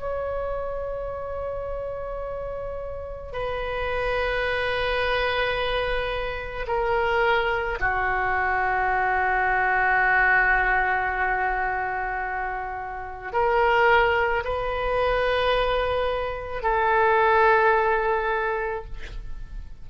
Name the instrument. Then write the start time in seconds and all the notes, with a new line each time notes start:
oboe
0.00 C#5
3.33 B4
6.67 A#4
7.80 F#4
13.32 A#4
14.44 B4
16.63 A4